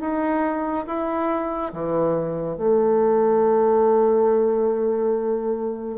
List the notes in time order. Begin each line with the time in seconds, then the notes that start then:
0.00 D#4
0.86 E4
1.73 E3
2.57 A3